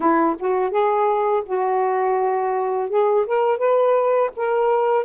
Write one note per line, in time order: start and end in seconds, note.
0.00 0.36 E4
0.39 0.70 F#4
0.70 1.43 G#4
1.45 2.89 F#4
2.89 3.25 G#4
3.26 3.58 A#4
3.58 4.30 B4
4.36 5.04 A#4